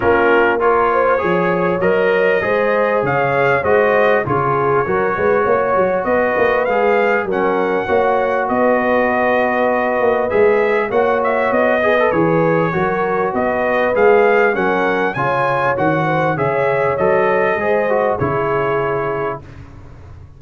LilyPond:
<<
  \new Staff \with { instrumentName = "trumpet" } { \time 4/4 \tempo 4 = 99 ais'4 cis''2 dis''4~ | dis''4 f''4 dis''4 cis''4~ | cis''2 dis''4 f''4 | fis''2 dis''2~ |
dis''4 e''4 fis''8 e''8 dis''4 | cis''2 dis''4 f''4 | fis''4 gis''4 fis''4 e''4 | dis''2 cis''2 | }
  \new Staff \with { instrumentName = "horn" } { \time 4/4 f'4 ais'8 c''8 cis''2 | c''4 cis''4 c''4 gis'4 | ais'8 b'8 cis''4 b'2 | ais'4 cis''4 b'2~ |
b'2 cis''4. b'8~ | b'4 ais'4 b'2 | ais'4 cis''4. c''8 cis''4~ | cis''4 c''4 gis'2 | }
  \new Staff \with { instrumentName = "trombone" } { \time 4/4 cis'4 f'4 gis'4 ais'4 | gis'2 fis'4 f'4 | fis'2. gis'4 | cis'4 fis'2.~ |
fis'4 gis'4 fis'4. gis'16 a'16 | gis'4 fis'2 gis'4 | cis'4 f'4 fis'4 gis'4 | a'4 gis'8 fis'8 e'2 | }
  \new Staff \with { instrumentName = "tuba" } { \time 4/4 ais2 f4 fis4 | gis4 cis4 gis4 cis4 | fis8 gis8 ais8 fis8 b8 ais8 gis4 | fis4 ais4 b2~ |
b8 ais8 gis4 ais4 b4 | e4 fis4 b4 gis4 | fis4 cis4 dis4 cis4 | fis4 gis4 cis2 | }
>>